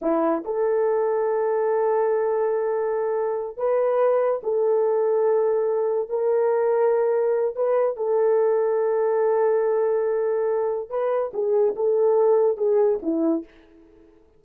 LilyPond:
\new Staff \with { instrumentName = "horn" } { \time 4/4 \tempo 4 = 143 e'4 a'2.~ | a'1~ | a'8 b'2 a'4.~ | a'2~ a'8 ais'4.~ |
ais'2 b'4 a'4~ | a'1~ | a'2 b'4 gis'4 | a'2 gis'4 e'4 | }